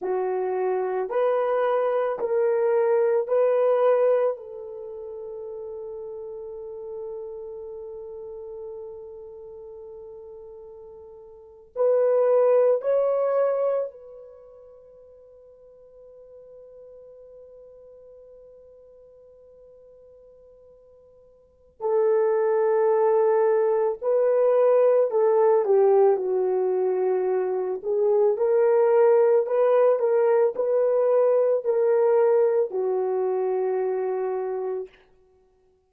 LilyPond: \new Staff \with { instrumentName = "horn" } { \time 4/4 \tempo 4 = 55 fis'4 b'4 ais'4 b'4 | a'1~ | a'2~ a'8. b'4 cis''16~ | cis''8. b'2.~ b'16~ |
b'1 | a'2 b'4 a'8 g'8 | fis'4. gis'8 ais'4 b'8 ais'8 | b'4 ais'4 fis'2 | }